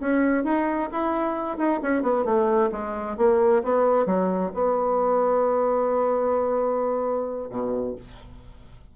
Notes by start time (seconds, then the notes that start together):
0.00 C#4
0.44 D#4
0.92 E4
1.57 D#4
1.82 C#4
2.02 B3
2.25 A3
2.72 G#3
3.17 A#3
3.63 B3
4.06 F#3
4.54 B3
7.50 B2